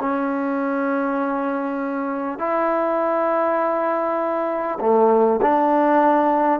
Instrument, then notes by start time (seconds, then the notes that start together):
trombone
0.00 C#4
2.38 E4
4.81 A3
5.42 D4